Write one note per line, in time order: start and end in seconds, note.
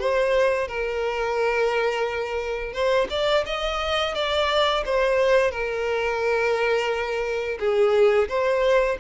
0.00 0.68 C5
0.68 2.73 A#4
2.73 3.08 C5
3.10 3.45 D5
3.46 4.15 D#5
4.15 4.84 D5
4.86 5.52 C5
5.52 7.59 A#4
7.60 8.29 G#4
8.29 8.98 C5